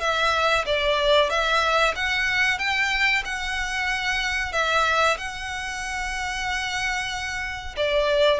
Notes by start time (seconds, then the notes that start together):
0.00 E5
0.66 D5
1.29 E5
1.95 F#5
2.58 G5
3.25 F#5
4.52 E5
5.17 F#5
7.76 D5